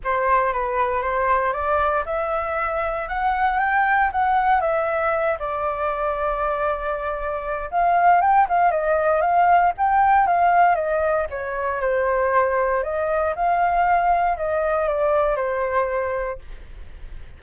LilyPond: \new Staff \with { instrumentName = "flute" } { \time 4/4 \tempo 4 = 117 c''4 b'4 c''4 d''4 | e''2 fis''4 g''4 | fis''4 e''4. d''4.~ | d''2. f''4 |
g''8 f''8 dis''4 f''4 g''4 | f''4 dis''4 cis''4 c''4~ | c''4 dis''4 f''2 | dis''4 d''4 c''2 | }